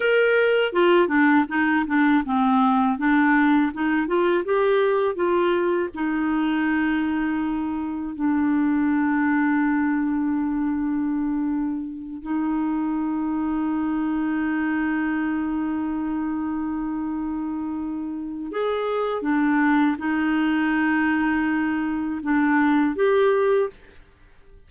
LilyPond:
\new Staff \with { instrumentName = "clarinet" } { \time 4/4 \tempo 4 = 81 ais'4 f'8 d'8 dis'8 d'8 c'4 | d'4 dis'8 f'8 g'4 f'4 | dis'2. d'4~ | d'1~ |
d'8 dis'2.~ dis'8~ | dis'1~ | dis'4 gis'4 d'4 dis'4~ | dis'2 d'4 g'4 | }